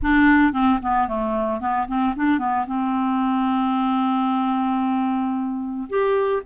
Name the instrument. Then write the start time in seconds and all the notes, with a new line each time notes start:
clarinet
0.02 D4
0.52 C4
0.82 B3
1.07 A3
1.60 B3
1.87 C4
2.16 D4
2.38 B3
2.66 C4
5.89 G4